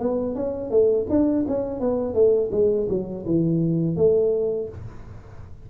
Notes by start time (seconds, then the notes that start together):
0.00 B3
0.35 C#4
0.70 A3
1.10 D4
1.48 C#4
1.80 B3
2.14 A3
2.52 G#3
2.89 F#3
3.26 E3
3.97 A3